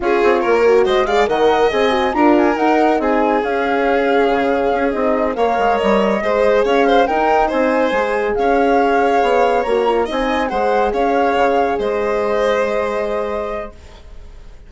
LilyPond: <<
  \new Staff \with { instrumentName = "flute" } { \time 4/4 \tempo 4 = 140 cis''2 dis''8 f''8 fis''4 | gis''4 ais''8 gis''8 fis''4 gis''4 | f''2.~ f''8 dis''8~ | dis''8 f''4 dis''2 f''8~ |
f''8 g''4 gis''2 f''8~ | f''2~ f''8 ais''4 gis''8~ | gis''8 fis''4 f''2 dis''8~ | dis''1 | }
  \new Staff \with { instrumentName = "violin" } { \time 4/4 gis'4 ais'4 c''8 d''8 dis''4~ | dis''4 ais'2 gis'4~ | gis'1~ | gis'8 cis''2 c''4 cis''8 |
c''8 ais'4 c''2 cis''8~ | cis''2.~ cis''8 dis''8~ | dis''8 c''4 cis''2 c''8~ | c''1 | }
  \new Staff \with { instrumentName = "horn" } { \time 4/4 f'4. fis'4 gis'8 ais'4 | gis'8 fis'8 f'4 dis'2 | cis'2.~ cis'8 dis'8~ | dis'8 ais'2 gis'4.~ |
gis'8 dis'2 gis'4.~ | gis'2~ gis'8 fis'8 f'8 dis'8~ | dis'8 gis'2.~ gis'8~ | gis'1 | }
  \new Staff \with { instrumentName = "bassoon" } { \time 4/4 cis'8 c'8 ais4 gis4 dis4 | c'4 d'4 dis'4 c'4 | cis'2 cis4 cis'8 c'8~ | c'8 ais8 gis8 g4 gis4 cis'8~ |
cis'8 dis'4 c'4 gis4 cis'8~ | cis'4. b4 ais4 c'8~ | c'8 gis4 cis'4 cis4 gis8~ | gis1 | }
>>